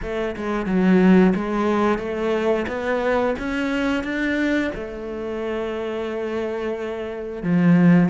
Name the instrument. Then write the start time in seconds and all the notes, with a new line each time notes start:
cello
0.02 A3
0.36 G#3
0.66 F#3
1.35 G#3
1.98 A3
2.67 B3
3.38 C#4
4.03 D4
4.74 A3
7.42 F3